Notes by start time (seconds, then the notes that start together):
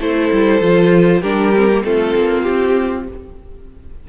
0.00 A3 E4 A4 C5
0.32 G3
0.61 F3 F4
1.22 G3 D4 G4 A#4
1.56 C4
1.72 A#3
1.84 A3 C4 F4 A4
2.16 A#3
2.43 C4 G4